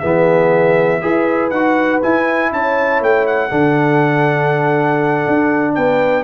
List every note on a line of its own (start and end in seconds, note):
0.00 1.04 E3
0.00 1.02 B3
0.00 1.01 G#4
0.00 1.50 E5
1.02 1.51 E4
1.02 1.52 G#4
1.02 2.52 B4
1.51 2.01 D#4
1.51 2.02 F#4
1.51 2.01 F#5
2.02 3.51 E4
2.02 2.52 E4
2.02 2.53 G#5
2.52 3.01 C#4
2.52 3.49 C#5
2.52 3.03 A5
3.01 3.51 A3
3.01 3.27 G5
3.27 5.75 F#5
3.49 5.27 D3
3.49 6.24 D4
3.49 5.74 A4
5.28 5.77 D4
5.75 6.24 B3
5.75 6.24 B4
5.75 6.24 G5